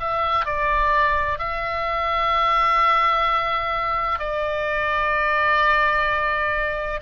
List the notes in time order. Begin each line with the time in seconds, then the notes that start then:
0.00 E5
0.46 D5
1.39 E5
4.19 D5